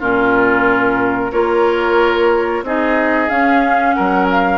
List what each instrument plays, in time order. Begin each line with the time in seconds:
0.00 bassoon A#2, clarinet C#4, oboe F4, flute A#4
1.32 bassoon A#3, clarinet F4, oboe A#4, flute C#5
2.63 bassoon C4, clarinet D#4, oboe G#4, flute D#5
3.29 clarinet C#4, bassoon C#4, flute F5
3.93 bassoon F#3, oboe A#4, flute F#5
4.31 flute F5